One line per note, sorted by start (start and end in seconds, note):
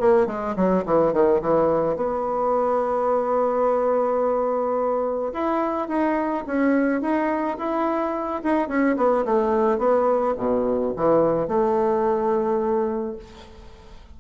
0.00 0.27 A#3
0.27 0.55 G#3
0.56 0.84 F#3
0.85 1.13 E3
1.13 1.41 D#3
1.41 1.96 E3
1.96 5.33 B3
5.33 5.88 E4
5.88 6.44 D#4
6.46 7.01 C#4
7.01 7.57 D#4
7.58 8.42 E4
8.43 8.68 D#4
8.68 8.96 C#4
8.97 9.25 B3
9.25 9.78 A3
9.78 10.34 B3
10.37 10.93 B2
10.96 11.48 E3
11.48 13.16 A3